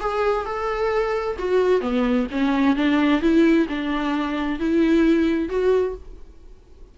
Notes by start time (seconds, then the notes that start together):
0.00 G#4
0.45 A4
1.38 F#4
1.81 B3
2.31 C#4
2.76 D4
3.21 E4
3.68 D4
4.59 E4
5.49 F#4